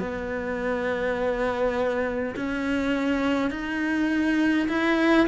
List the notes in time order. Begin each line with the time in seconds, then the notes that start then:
0.00 B3
2.36 C#4
3.51 D#4
4.69 E4